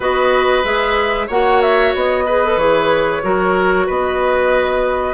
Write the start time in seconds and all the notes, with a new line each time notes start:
0.00 B3 F#4 B4 D#5
0.64 G#3 G#4 E5
1.27 A#3 F#4 C#5 F#5
1.61 E5
1.94 B3 D#5
2.25 G#4 B4
2.44 A4
2.56 E3 G#4 C#5
3.22 F#3 F#4 A#4
3.86 B3 B4 D#5